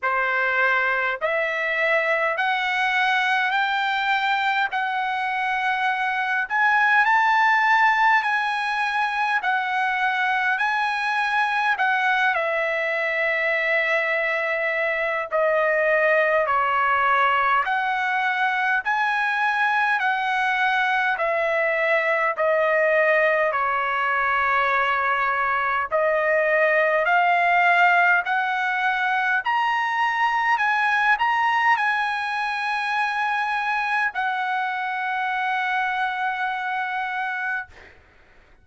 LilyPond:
\new Staff \with { instrumentName = "trumpet" } { \time 4/4 \tempo 4 = 51 c''4 e''4 fis''4 g''4 | fis''4. gis''8 a''4 gis''4 | fis''4 gis''4 fis''8 e''4.~ | e''4 dis''4 cis''4 fis''4 |
gis''4 fis''4 e''4 dis''4 | cis''2 dis''4 f''4 | fis''4 ais''4 gis''8 ais''8 gis''4~ | gis''4 fis''2. | }